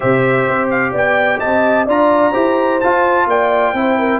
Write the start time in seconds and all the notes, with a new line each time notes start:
0.00 C3 G4 C5 E5
0.49 C4
0.70 F5
0.91 B3 D5 G5
1.39 D#5 A5
1.45 C4
1.86 D4 F4 D5 A#5
2.31 E4 G4 C5
2.80 F4 A5
3.26 A#3 D5 G5
3.73 C4 E4 C5
3.98 A#4